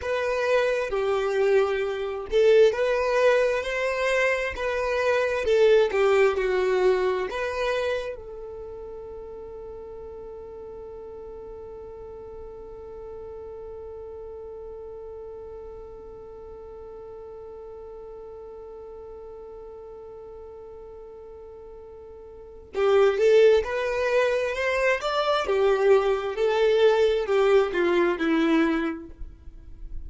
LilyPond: \new Staff \with { instrumentName = "violin" } { \time 4/4 \tempo 4 = 66 b'4 g'4. a'8 b'4 | c''4 b'4 a'8 g'8 fis'4 | b'4 a'2.~ | a'1~ |
a'1~ | a'1~ | a'4 g'8 a'8 b'4 c''8 d''8 | g'4 a'4 g'8 f'8 e'4 | }